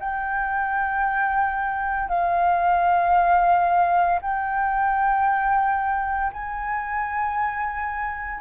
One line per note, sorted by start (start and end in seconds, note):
0.00 2.10 G5
2.10 4.20 F5
4.22 6.33 G5
6.33 8.41 G#5